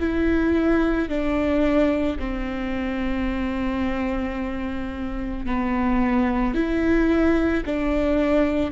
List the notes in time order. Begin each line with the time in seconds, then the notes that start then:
0.00 E4
1.09 D4
2.19 C4
5.46 B3
6.55 E4
7.66 D4